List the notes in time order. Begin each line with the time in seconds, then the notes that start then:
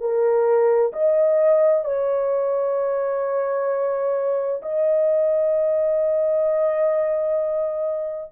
0.00 A#4
0.93 D#5
1.85 C#5
4.62 D#5